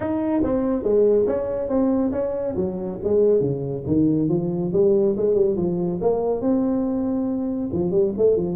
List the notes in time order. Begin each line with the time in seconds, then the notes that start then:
0.00 D#4
0.43 C4
0.83 G#3
1.26 C#4
1.68 C4
2.12 C#4
2.56 F#3
3.03 G#3
3.40 C#3
3.86 D#3
4.28 F3
4.72 G3
5.16 G#3
5.34 G3
5.56 F3
6.01 A#3
6.41 C4
7.72 F3
7.91 G3
8.17 A3
8.36 F3